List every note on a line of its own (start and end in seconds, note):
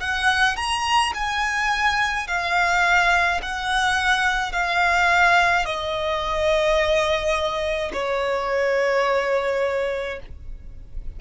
0.00 0.56 F#5
0.56 1.13 A#5
1.14 2.27 G#5
2.27 3.41 F5
3.42 4.52 F#5
4.52 5.65 F5
5.65 7.91 D#5
7.93 10.19 C#5